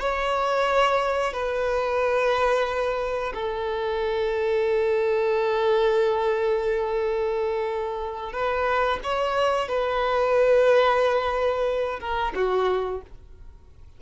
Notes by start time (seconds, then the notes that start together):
0.00 C#5
1.33 B4
3.35 A4
8.33 B4
9.04 C#5
9.69 B4
12.00 A#4
12.35 F#4